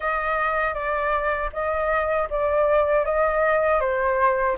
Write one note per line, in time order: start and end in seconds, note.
0.00 0.74 D#5
0.74 1.50 D5
1.52 2.28 D#5
2.30 3.05 D5
3.05 3.80 D#5
3.80 4.56 C5